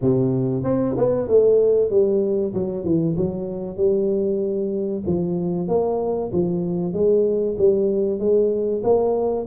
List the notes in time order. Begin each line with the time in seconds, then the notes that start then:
0.01 C3
0.63 C4
0.97 B3
1.28 A3
1.90 G3
2.53 F#3
2.84 E3
3.16 F#3
3.76 G3
5.06 F3
5.68 A#3
6.32 F3
6.93 G#3
7.58 G3
8.19 G#3
8.83 A#3